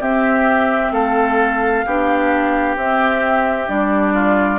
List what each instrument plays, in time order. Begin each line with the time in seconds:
0.00 bassoon C4, clarinet C4, oboe G4, flute E5
0.91 bassoon A3, oboe A4, flute F5
1.86 bassoon B3, clarinet D4, oboe G4
2.76 bassoon C4, clarinet C4, flute E5
3.68 bassoon G3, clarinet D4, flute D5
4.14 oboe F4